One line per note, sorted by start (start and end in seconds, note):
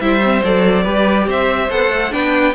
0.00 0.43 G3
0.00 0.22 E4
0.00 0.84 C5
0.00 0.43 E5
0.23 0.44 C4
0.44 0.86 F#3
0.44 0.83 A4
0.44 1.30 D5
0.83 1.27 G3
0.83 1.68 G4
0.83 1.26 B4
1.27 1.70 C4
1.27 2.13 C5
1.27 1.71 E5
1.70 1.89 B3
1.70 2.11 A4
1.70 2.12 F#5
1.89 2.11 A3
2.11 2.55 B3
2.11 2.53 D4
2.11 2.55 B4
2.11 2.55 G5